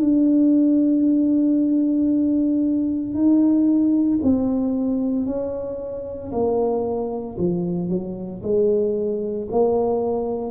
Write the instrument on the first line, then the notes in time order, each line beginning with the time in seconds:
tuba
0.00 D4
3.14 D#4
4.23 C4
5.26 C#4
6.32 A#3
7.38 F3
7.89 F#3
8.43 G#3
9.52 A#3